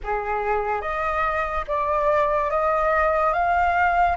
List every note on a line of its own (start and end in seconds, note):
0.03 0.81 G#4
0.81 1.64 D#5
1.67 2.50 D5
2.50 3.33 D#5
3.33 4.16 F5